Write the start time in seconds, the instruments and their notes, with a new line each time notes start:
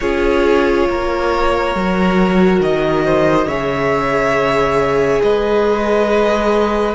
0.00 cello C#4, viola F4, violin G#4 C#5
0.88 cello A#3, violin A#4
1.75 cello F#3, viola F#4
2.60 cello D#3, violin D#5
3.05 violin C5
3.46 cello C#3, viola G#4, violin C#5 E5
5.22 cello G#3, violin B4 D#5